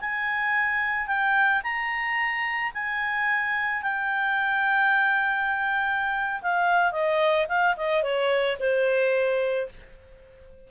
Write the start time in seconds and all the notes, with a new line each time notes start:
0.00 G#5
1.07 G5
1.63 A#5
2.74 G#5
3.82 G5
6.42 F5
6.92 D#5
7.48 F5
7.77 D#5
8.02 C#5
8.59 C5